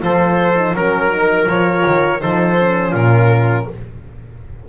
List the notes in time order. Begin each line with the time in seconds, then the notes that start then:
0.00 F3 F4 A4 C5
0.55 D#4
0.74 F#3 C#4 A#4
1.10 D#4
1.46 F3 F4 C#5
1.87 D#3
2.20 F3 D#4 A4 C5
2.59 C#4
2.92 A#2 F4 A#4